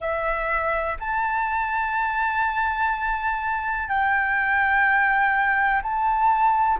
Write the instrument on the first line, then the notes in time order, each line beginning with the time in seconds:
flute
0.00 E5
0.99 A5
3.88 G5
5.82 A5